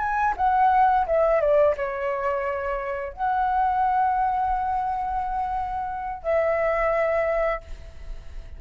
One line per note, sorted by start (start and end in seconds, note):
0.00 0.34 G#5
0.37 1.06 F#5
1.07 1.41 E5
1.41 1.76 D5
1.77 3.13 C#5
3.13 6.23 F#5
6.23 7.61 E5